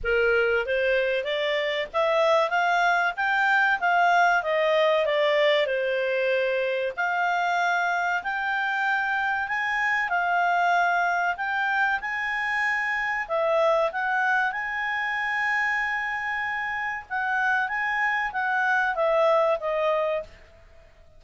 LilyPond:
\new Staff \with { instrumentName = "clarinet" } { \time 4/4 \tempo 4 = 95 ais'4 c''4 d''4 e''4 | f''4 g''4 f''4 dis''4 | d''4 c''2 f''4~ | f''4 g''2 gis''4 |
f''2 g''4 gis''4~ | gis''4 e''4 fis''4 gis''4~ | gis''2. fis''4 | gis''4 fis''4 e''4 dis''4 | }